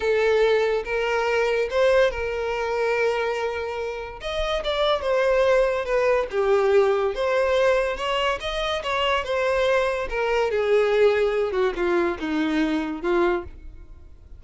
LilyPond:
\new Staff \with { instrumentName = "violin" } { \time 4/4 \tempo 4 = 143 a'2 ais'2 | c''4 ais'2.~ | ais'2 dis''4 d''4 | c''2 b'4 g'4~ |
g'4 c''2 cis''4 | dis''4 cis''4 c''2 | ais'4 gis'2~ gis'8 fis'8 | f'4 dis'2 f'4 | }